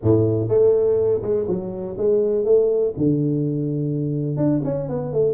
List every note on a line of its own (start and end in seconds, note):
0.02 0.48 A2
0.48 1.21 A3
1.22 1.46 G#3
1.47 1.96 F#3
1.97 2.44 G#3
2.44 2.93 A3
2.97 4.37 D3
4.37 4.61 D4
4.64 4.88 C#4
4.88 5.12 B3
5.12 5.33 A3